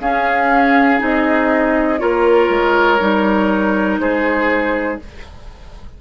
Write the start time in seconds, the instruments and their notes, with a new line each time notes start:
0.00 bassoon C#4, clarinet C#4, oboe G#4, flute F5
0.98 bassoon C4, clarinet D#4, flute D#5
1.98 bassoon A#3, clarinet F4, oboe A#4, flute C#5
2.49 bassoon G#3
2.99 bassoon G3, clarinet D#4
3.98 bassoon G#3, oboe G#4, flute C5